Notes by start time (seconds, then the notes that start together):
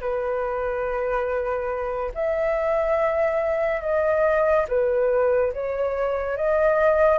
0.00 B4
2.14 E5
3.81 D#5
4.68 B4
5.53 C#5
6.36 D#5